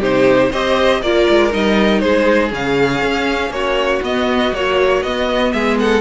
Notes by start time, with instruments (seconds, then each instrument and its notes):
0.00 cello C3, viola D#4, violin G4 C5
0.51 cello C4, viola G4, violin C5 D#5
1.02 cello A#3, viola F4, violin A#4 D5
1.29 cello G#3
1.51 cello G3, viola D#4, violin D#5
1.99 cello G#3, violin G#4 C5
2.50 cello C#3, viola C#4, violin F5
3.02 cello C#4
3.50 cello A#3, violin F#4 C#5
4.02 cello B3, viola B3, violin D#5
4.53 viola F#3, cello A#3, violin C#5
5.03 cello B3, viola B3, violin D#5
5.53 cello G#3, violin G#4 E5
5.79 violin A4 F#5